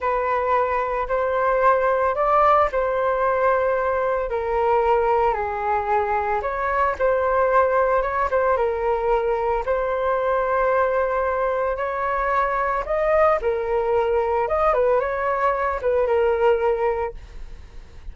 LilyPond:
\new Staff \with { instrumentName = "flute" } { \time 4/4 \tempo 4 = 112 b'2 c''2 | d''4 c''2. | ais'2 gis'2 | cis''4 c''2 cis''8 c''8 |
ais'2 c''2~ | c''2 cis''2 | dis''4 ais'2 dis''8 b'8 | cis''4. b'8 ais'2 | }